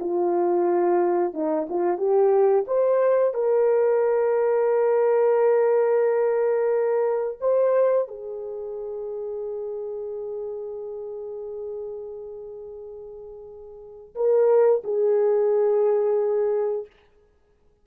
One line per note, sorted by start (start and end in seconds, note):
0.00 1.33 F4
1.33 1.67 D#4
1.69 1.97 F4
1.97 2.65 G4
2.67 3.34 C5
3.34 7.38 A#4
7.40 8.08 C5
8.08 14.15 G#4
14.15 14.82 A#4
14.84 16.86 G#4